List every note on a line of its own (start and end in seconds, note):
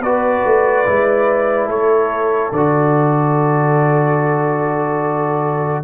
0.00 0.42 B3
0.00 0.86 F#4
0.00 1.66 B4
0.00 1.69 D5
0.45 0.87 A3
0.86 1.67 G#3
0.86 2.52 E4
1.66 2.51 A3
1.66 5.83 A4
1.66 2.53 C#5
2.52 5.84 D3
2.52 5.84 F#4
2.52 5.84 D5